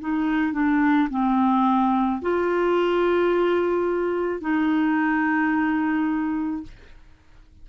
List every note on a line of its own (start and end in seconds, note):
0.00 0.53 D#4
0.53 1.09 D4
1.10 2.21 C4
2.22 4.41 F4
4.41 6.63 D#4